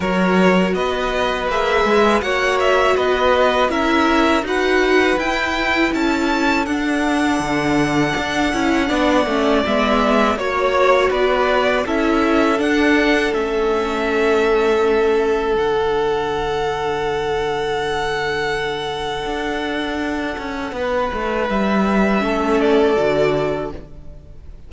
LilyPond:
<<
  \new Staff \with { instrumentName = "violin" } { \time 4/4 \tempo 4 = 81 cis''4 dis''4 e''4 fis''8 e''8 | dis''4 e''4 fis''4 g''4 | a''4 fis''2.~ | fis''4 e''4 cis''4 d''4 |
e''4 fis''4 e''2~ | e''4 fis''2.~ | fis''1~ | fis''4 e''4. d''4. | }
  \new Staff \with { instrumentName = "violin" } { \time 4/4 ais'4 b'2 cis''4 | b'4 ais'4 b'2 | a'1 | d''2 cis''4 b'4 |
a'1~ | a'1~ | a'1 | b'2 a'2 | }
  \new Staff \with { instrumentName = "viola" } { \time 4/4 fis'2 gis'4 fis'4~ | fis'4 e'4 fis'4 e'4~ | e'4 d'2~ d'8 e'8 | d'8 cis'8 b4 fis'2 |
e'4 d'4 cis'2~ | cis'4 d'2.~ | d'1~ | d'2 cis'4 fis'4 | }
  \new Staff \with { instrumentName = "cello" } { \time 4/4 fis4 b4 ais8 gis8 ais4 | b4 cis'4 dis'4 e'4 | cis'4 d'4 d4 d'8 cis'8 | b8 a8 gis4 ais4 b4 |
cis'4 d'4 a2~ | a4 d2.~ | d2 d'4. cis'8 | b8 a8 g4 a4 d4 | }
>>